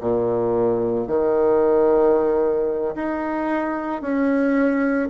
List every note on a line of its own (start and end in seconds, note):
0.00 1.07 A#2
1.07 2.94 D#3
2.95 4.01 D#4
4.01 5.08 C#4